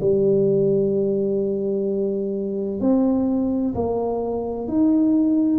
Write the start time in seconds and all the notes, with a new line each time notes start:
0.00 G3
2.80 C4
3.74 A#3
4.67 D#4